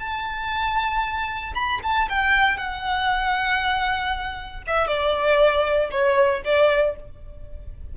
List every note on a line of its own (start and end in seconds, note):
0.00 1.54 A5
1.55 1.81 B5
1.83 2.09 A5
2.10 2.58 G5
2.58 4.63 F#5
4.68 4.88 E5
4.88 5.90 D5
5.91 6.43 C#5
6.45 6.96 D5